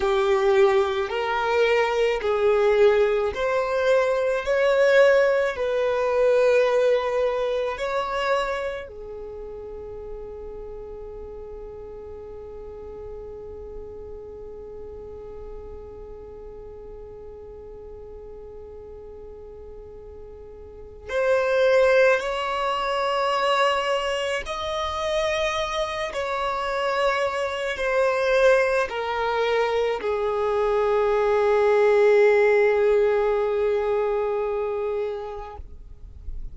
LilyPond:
\new Staff \with { instrumentName = "violin" } { \time 4/4 \tempo 4 = 54 g'4 ais'4 gis'4 c''4 | cis''4 b'2 cis''4 | gis'1~ | gis'1~ |
gis'2. c''4 | cis''2 dis''4. cis''8~ | cis''4 c''4 ais'4 gis'4~ | gis'1 | }